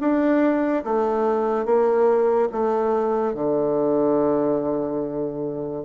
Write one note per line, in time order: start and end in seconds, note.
0.00 0.83 D4
0.84 1.65 A3
1.65 2.48 A#3
2.52 3.34 A3
3.34 5.84 D3